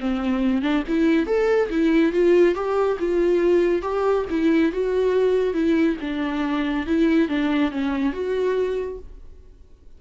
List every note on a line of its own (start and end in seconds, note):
0.00 0.62 C4
0.62 0.84 D4
0.88 1.26 E4
1.26 1.69 A4
1.70 2.13 E4
2.13 2.55 F4
2.55 2.98 G4
2.99 3.82 F4
3.82 4.25 G4
4.30 4.72 E4
4.72 5.54 F#4
5.54 5.96 E4
6.01 6.87 D4
6.87 7.29 E4
7.29 7.71 D4
7.71 8.13 C#4
8.13 8.99 F#4